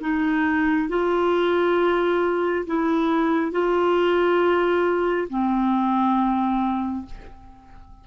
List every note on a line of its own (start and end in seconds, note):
0.00 0.88 D#4
0.88 2.65 F4
2.66 3.51 E4
3.51 5.28 F4
5.29 7.05 C4